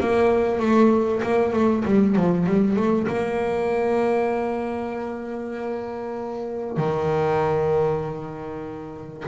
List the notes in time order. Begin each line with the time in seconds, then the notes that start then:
0.00 A#3
0.60 A3
1.23 A#3
1.53 A3
1.85 G3
2.16 F3
2.47 G3
2.76 A3
3.07 A#3
6.77 D#3